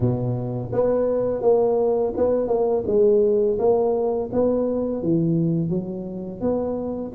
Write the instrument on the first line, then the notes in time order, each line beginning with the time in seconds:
tuba
0.00 B2
0.72 B3
1.41 A#3
2.16 B3
2.47 A#3
2.86 G#3
3.58 A#3
4.32 B3
5.02 E3
5.69 F#3
6.40 B3